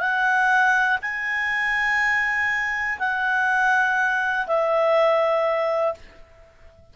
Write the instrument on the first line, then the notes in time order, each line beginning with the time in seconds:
clarinet
0.00 F#5
1.02 G#5
2.99 F#5
4.47 E5